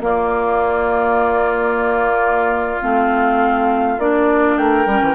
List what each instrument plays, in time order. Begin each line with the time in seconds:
0.00 bassoon A#3, clarinet A#3, oboe F4, flute D5
2.81 bassoon A3, clarinet C4, flute F5
3.98 bassoon A#3, clarinet D4, flute D5
4.57 bassoon A3, oboe A#4, flute G5
4.86 bassoon G3, clarinet C#4
5.01 bassoon E3